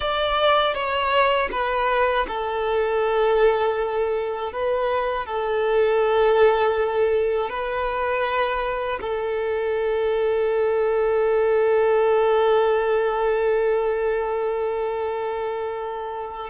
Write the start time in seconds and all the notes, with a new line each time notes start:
0.00 D5
0.74 C#5
1.51 B4
2.27 A4
4.52 B4
5.25 A4
7.49 B4
9.00 A4